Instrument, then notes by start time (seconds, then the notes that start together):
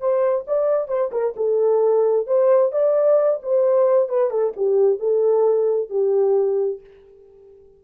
horn
0.00 C5
0.47 D5
0.88 C5
1.12 A#4
1.36 A4
2.27 C5
2.72 D5
3.42 C5
4.09 B4
4.30 A4
4.56 G4
4.99 A4
5.90 G4